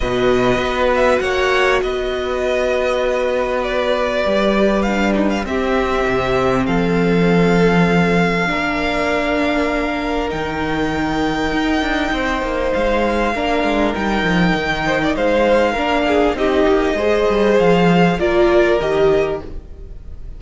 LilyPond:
<<
  \new Staff \with { instrumentName = "violin" } { \time 4/4 \tempo 4 = 99 dis''4. e''8 fis''4 dis''4~ | dis''2 d''2 | f''8 dis'16 f''16 e''2 f''4~ | f''1~ |
f''4 g''2.~ | g''4 f''2 g''4~ | g''4 f''2 dis''4~ | dis''4 f''4 d''4 dis''4 | }
  \new Staff \with { instrumentName = "violin" } { \time 4/4 b'2 cis''4 b'4~ | b'1~ | b'4 g'2 a'4~ | a'2 ais'2~ |
ais'1 | c''2 ais'2~ | ais'8 c''16 d''16 c''4 ais'8 gis'8 g'4 | c''2 ais'2 | }
  \new Staff \with { instrumentName = "viola" } { \time 4/4 fis'1~ | fis'2. g'4 | d'4 c'2.~ | c'2 d'2~ |
d'4 dis'2.~ | dis'2 d'4 dis'4~ | dis'2 d'4 dis'4 | gis'2 f'4 g'4 | }
  \new Staff \with { instrumentName = "cello" } { \time 4/4 b,4 b4 ais4 b4~ | b2. g4~ | g4 c'4 c4 f4~ | f2 ais2~ |
ais4 dis2 dis'8 d'8 | c'8 ais8 gis4 ais8 gis8 g8 f8 | dis4 gis4 ais4 c'8 ais8 | gis8 g8 f4 ais4 dis4 | }
>>